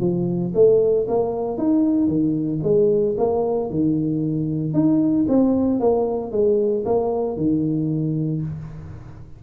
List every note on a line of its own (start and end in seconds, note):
0.00 0.53 F3
0.54 1.07 A3
1.08 1.57 A#3
1.57 2.07 D#4
2.07 2.60 D#3
2.63 3.16 G#3
3.17 3.70 A#3
3.70 4.73 D#3
4.73 5.26 D#4
5.28 5.80 C4
5.80 6.32 A#3
6.32 6.84 G#3
6.85 7.36 A#3
7.36 8.42 D#3